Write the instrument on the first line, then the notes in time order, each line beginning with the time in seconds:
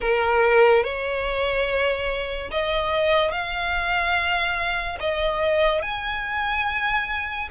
violin
0.00 A#4
0.83 C#5
2.50 D#5
3.31 F5
5.00 D#5
5.81 G#5